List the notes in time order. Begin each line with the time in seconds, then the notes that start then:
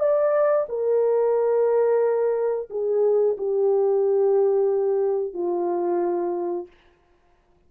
0.00 D5
0.69 A#4
2.70 G#4
3.38 G4
5.34 F4